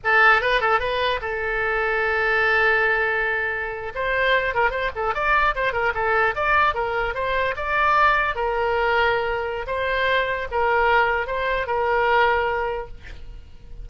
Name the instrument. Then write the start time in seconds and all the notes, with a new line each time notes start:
oboe
0.04 A4
0.41 B4
0.60 A4
0.79 B4
1.21 A4
3.94 C5
4.54 A#4
4.70 C5
4.95 A4
5.14 D5
5.55 C5
5.72 A#4
5.94 A4
6.35 D5
6.74 A#4
7.14 C5
7.56 D5
8.35 A#4
9.66 C5
10.51 A#4
11.26 C5
11.66 A#4